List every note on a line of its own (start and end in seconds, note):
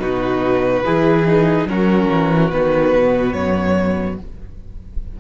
0.00 0.83 B2
0.00 0.84 D#4
0.00 0.85 F#4
0.00 1.68 B4
0.85 1.65 E3
0.85 1.27 E4
0.85 1.68 G#4
1.27 1.68 D#4
1.65 2.07 F#3
1.65 2.51 C#4
1.65 4.20 F#4
1.65 2.51 A#4
2.11 2.53 E3
2.51 2.95 D#3
2.51 4.19 B3
2.51 3.33 B4
2.95 3.35 B2
3.33 4.18 F#2
3.33 4.16 C#5